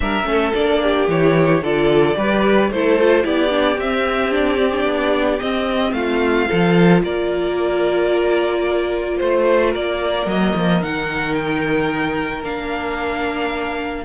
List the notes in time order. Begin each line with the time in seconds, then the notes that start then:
0.00 G3 D4 A#4 E5
0.24 A3 C#4 A4
0.54 A#3 D4 D5
0.82 G4
1.07 E3 E4 C#5
1.61 D3 F4 A4 D5
2.15 G3 G4 B4
2.70 A3 E4 A4 C5
3.00 F4
3.23 B3 E4 G4 D5
3.49 D4
3.77 C4 E5
4.31 D4 D5
4.57 C4
4.71 D4
4.85 B3
5.39 C4 D#5
5.92 A3 F4 F5
6.48 F3 F4 A4
7.02 A#3 A#4 D5
9.17 A3 C5
9.70 A#3 A#4 D5
10.26 F#3 A#3 D#5
10.55 F3
10.81 D#3 D#4 F#5
11.34 G5
12.43 A#3 D4 F5